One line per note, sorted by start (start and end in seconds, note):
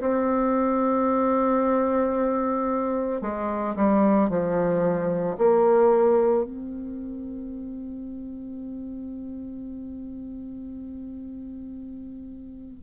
0.00 3.21 C4
3.21 3.75 G#3
3.75 4.29 G3
4.29 5.36 F3
5.38 6.44 A#3
6.44 12.83 C4